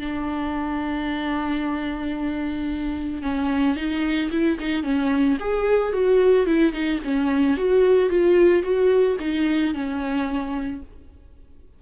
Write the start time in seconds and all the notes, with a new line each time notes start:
0.00 D4
3.23 C#4
3.76 D#4
4.31 E4
4.60 D#4
4.84 C#4
5.40 G#4
5.93 F#4
6.47 E4
6.73 D#4
7.05 C#4
7.57 F#4
8.10 F4
8.63 F#4
9.20 D#4
9.74 C#4